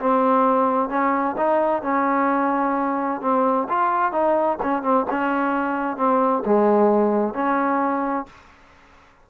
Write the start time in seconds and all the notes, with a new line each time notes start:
0.00 C4
0.90 C#4
1.37 D#4
1.83 C#4
3.22 C4
3.69 F4
4.12 D#4
4.63 C#4
4.83 C4
5.10 C#4
5.97 C4
6.46 G#3
7.34 C#4